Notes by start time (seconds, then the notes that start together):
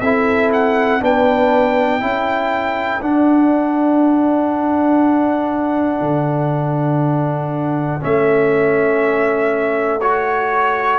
0.00 C4 E4 A4 E5
0.52 F#5
1.00 B3 D4 B4 G5
2.00 C#4 E4 A4
3.01 D4 F#5
6.00 D3
8.00 A3 C#4 E5
10.00 F#4 C#5